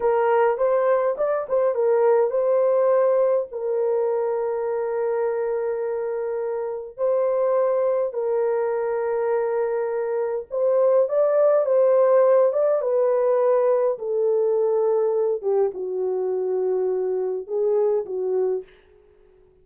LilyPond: \new Staff \with { instrumentName = "horn" } { \time 4/4 \tempo 4 = 103 ais'4 c''4 d''8 c''8 ais'4 | c''2 ais'2~ | ais'1 | c''2 ais'2~ |
ais'2 c''4 d''4 | c''4. d''8 b'2 | a'2~ a'8 g'8 fis'4~ | fis'2 gis'4 fis'4 | }